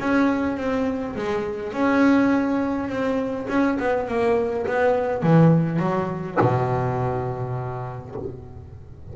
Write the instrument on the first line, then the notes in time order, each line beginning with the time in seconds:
double bass
0.00 C#4
0.57 C4
1.16 G#3
1.73 C#4
2.89 C4
3.50 C#4
3.80 B3
4.09 A#3
4.67 B3
5.23 E3
5.80 F#3
6.41 B2